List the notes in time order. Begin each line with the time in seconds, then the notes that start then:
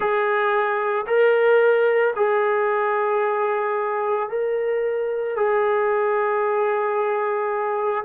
0.00 G#4
1.07 A#4
2.15 G#4
4.29 A#4
5.36 G#4